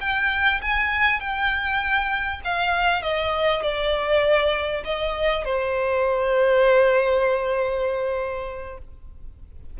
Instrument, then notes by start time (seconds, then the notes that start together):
violin
0.00 G5
0.61 G#5
1.20 G5
2.44 F5
3.02 D#5
3.62 D5
4.84 D#5
5.44 C5